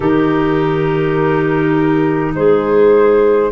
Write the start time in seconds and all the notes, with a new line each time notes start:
0.00 D#3 D#4 G4 A#4
2.34 G#3 G#4 C5